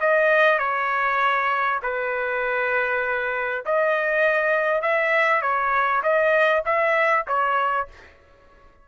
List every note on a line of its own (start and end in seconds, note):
0.00 0.58 D#5
0.58 1.80 C#5
1.83 3.64 B4
3.65 4.82 D#5
4.82 5.42 E5
5.42 6.02 C#5
6.03 6.64 D#5
6.65 7.26 E5
7.27 7.88 C#5